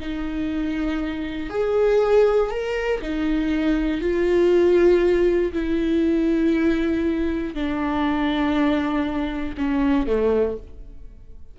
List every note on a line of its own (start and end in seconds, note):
0.00 1.50 D#4
1.50 2.51 G#4
2.51 3.02 A#4
3.02 4.01 D#4
4.01 5.53 F4
5.53 7.55 E4
7.55 9.56 D4
9.58 10.07 C#4
10.07 10.57 A3